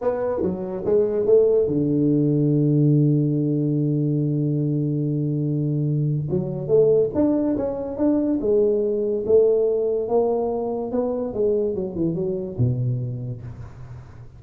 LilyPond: \new Staff \with { instrumentName = "tuba" } { \time 4/4 \tempo 4 = 143 b4 fis4 gis4 a4 | d1~ | d1~ | d2. fis4 |
a4 d'4 cis'4 d'4 | gis2 a2 | ais2 b4 gis4 | fis8 e8 fis4 b,2 | }